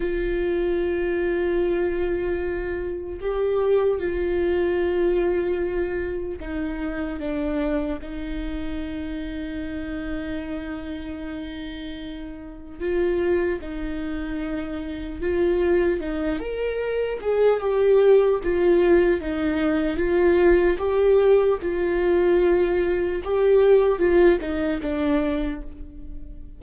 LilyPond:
\new Staff \with { instrumentName = "viola" } { \time 4/4 \tempo 4 = 75 f'1 | g'4 f'2. | dis'4 d'4 dis'2~ | dis'1 |
f'4 dis'2 f'4 | dis'8 ais'4 gis'8 g'4 f'4 | dis'4 f'4 g'4 f'4~ | f'4 g'4 f'8 dis'8 d'4 | }